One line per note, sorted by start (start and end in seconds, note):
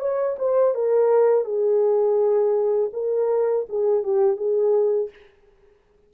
0.00 0.37 C#5
0.39 0.75 C5
0.75 1.45 A#4
1.45 2.91 G#4
2.93 3.67 A#4
3.70 4.03 G#4
4.03 4.37 G4
4.37 5.10 G#4